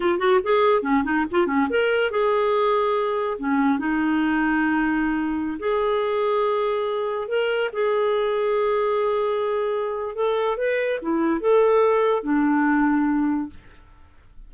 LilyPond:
\new Staff \with { instrumentName = "clarinet" } { \time 4/4 \tempo 4 = 142 f'8 fis'8 gis'4 cis'8 dis'8 f'8 cis'8 | ais'4 gis'2. | cis'4 dis'2.~ | dis'4~ dis'16 gis'2~ gis'8.~ |
gis'4~ gis'16 ais'4 gis'4.~ gis'16~ | gis'1 | a'4 b'4 e'4 a'4~ | a'4 d'2. | }